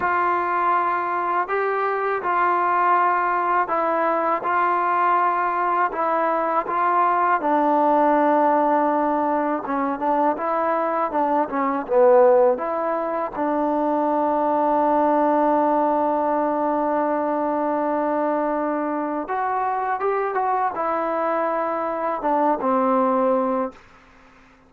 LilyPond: \new Staff \with { instrumentName = "trombone" } { \time 4/4 \tempo 4 = 81 f'2 g'4 f'4~ | f'4 e'4 f'2 | e'4 f'4 d'2~ | d'4 cis'8 d'8 e'4 d'8 cis'8 |
b4 e'4 d'2~ | d'1~ | d'2 fis'4 g'8 fis'8 | e'2 d'8 c'4. | }